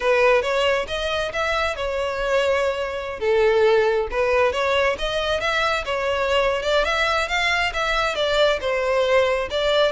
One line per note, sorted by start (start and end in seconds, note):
0.00 0.42 B4
0.42 0.86 C#5
0.87 1.31 D#5
1.32 1.76 E5
1.76 3.19 C#5
3.19 4.08 A4
4.10 4.52 B4
4.52 4.96 C#5
4.98 5.40 D#5
5.40 5.84 E5
5.85 6.62 C#5
6.62 6.84 D5
6.84 7.28 E5
7.28 7.72 F5
7.73 8.15 E5
8.15 8.59 D5
8.60 9.49 C5
9.50 9.91 D5